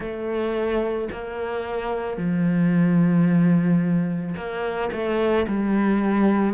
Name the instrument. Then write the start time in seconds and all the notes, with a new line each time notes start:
cello
0.00 A3
1.12 A#3
2.17 F3
4.36 A#3
4.91 A3
5.47 G3